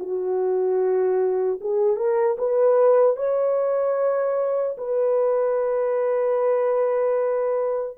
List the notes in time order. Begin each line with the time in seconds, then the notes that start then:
0.00 F#4
1.61 G#4
1.96 A#4
2.38 B4
3.17 C#5
4.77 B4